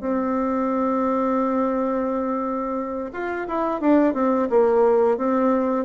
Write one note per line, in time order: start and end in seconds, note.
0.00 3.10 C4
3.13 3.47 F4
3.47 3.80 E4
3.80 4.14 D4
4.14 4.48 C4
4.50 5.17 A#3
5.17 5.85 C4